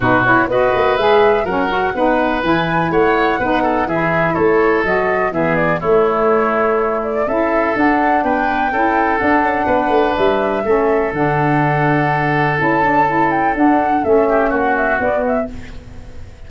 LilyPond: <<
  \new Staff \with { instrumentName = "flute" } { \time 4/4 \tempo 4 = 124 b'8 cis''8 dis''4 e''4 fis''4~ | fis''4 gis''4 fis''2 | e''4 cis''4 dis''4 e''8 d''8 | cis''2~ cis''8 d''8 e''4 |
fis''4 g''2 fis''4~ | fis''4 e''2 fis''4~ | fis''2 a''4. g''8 | fis''4 e''4 fis''8 e''8 d''8 e''8 | }
  \new Staff \with { instrumentName = "oboe" } { \time 4/4 fis'4 b'2 ais'4 | b'2 cis''4 b'8 a'8 | gis'4 a'2 gis'4 | e'2. a'4~ |
a'4 b'4 a'2 | b'2 a'2~ | a'1~ | a'4. g'8 fis'2 | }
  \new Staff \with { instrumentName = "saxophone" } { \time 4/4 dis'8 e'8 fis'4 gis'4 cis'8 fis'8 | dis'4 e'2 dis'4 | e'2 fis'4 b4 | a2. e'4 |
d'2 e'4 d'4~ | d'2 cis'4 d'4~ | d'2 e'8 d'8 e'4 | d'4 cis'2 b4 | }
  \new Staff \with { instrumentName = "tuba" } { \time 4/4 b,4 b8 ais8 gis4 fis4 | b4 e4 a4 b4 | e4 a4 fis4 e4 | a2. cis'4 |
d'4 b4 cis'4 d'8 cis'8 | b8 a8 g4 a4 d4~ | d2 cis'2 | d'4 a4 ais4 b4 | }
>>